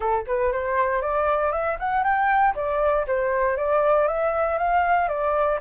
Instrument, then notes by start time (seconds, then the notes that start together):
flute
0.00 A4
0.26 B4
0.52 C5
1.01 D5
1.52 E5
1.79 F#5
2.03 G5
2.55 D5
3.07 C5
3.57 D5
4.07 E5
4.58 F5
5.08 D5